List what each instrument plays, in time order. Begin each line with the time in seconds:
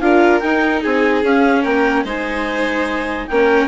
0.00 bassoon D4, viola F4, violin A#4, clarinet F5
0.39 viola D#4, bassoon D#4, clarinet G5
0.82 bassoon C4, violin G#4, clarinet G#5
1.23 bassoon C#4, viola C#4, clarinet F5
1.62 bassoon A#3, violin A#4, clarinet G5
2.04 bassoon G#3, viola D#4, violin C5, clarinet G#5
3.27 bassoon A#3, viola C#4, violin A#4, clarinet G5